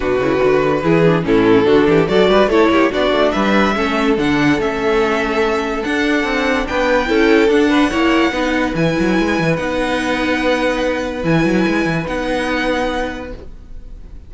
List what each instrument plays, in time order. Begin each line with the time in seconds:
0.00 cello B2, viola D4, violin F#4 B4
0.18 cello C#3, viola E4
0.39 cello D3, viola F#4
0.83 cello E3, viola E4, violin G#4
1.05 viola D4
1.22 cello A2, viola C#4, violin E4 A4
1.63 cello D3, viola D4, violin F#4
1.87 cello E3, violin G4
2.08 cello F#3, viola F#4, violin A4 D5
2.28 cello G3, violin B4
2.47 cello A3, viola E4, violin A4 C#5
2.68 cello A#3, violin G4
2.91 cello B3, viola D4, violin F#4 D5
3.11 cello A3
3.31 cello G3, violin B4 E5
3.74 cello A3, viola C#4, violin A4
4.17 cello D3, viola D4, violin F#5
4.58 cello A3, viola C#4, violin E5
5.83 viola D4, cello D4, violin F#5
6.23 cello C4
6.67 cello B3, violin B4 G5
7.05 cello C#4, viola E4, violin A4
7.48 cello D4, viola D4, violin F#5
7.69 violin B4
7.90 cello A#3, viola E4, violin C#5
8.31 cello B3, viola D#4, violin B4
8.74 cello E3, viola E4, violin G#5
8.99 cello F#3
9.18 cello G#3
9.39 cello E3
9.56 cello B3, viola D#4, violin F#5
11.22 cello E3, viola E4, violin G#5
11.44 cello F#3
11.67 cello G#3
11.85 cello E3
12.05 cello B3, viola D#4, violin F#5